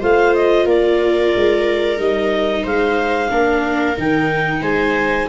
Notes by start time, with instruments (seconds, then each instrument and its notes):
0.00 tuba A3, viola F4 C5, clarinet F5
0.35 clarinet D#5
0.66 tuba A#3, viola A#4, clarinet D5
1.36 tuba G#3
1.97 tuba G3, viola D#4, clarinet D#5
2.63 tuba G#3, viola C5, clarinet F5
3.30 tuba A#3, viola D4 A#4
3.96 tuba D#3, viola D#4, clarinet G5
4.61 tuba G#3, viola C5, clarinet G#5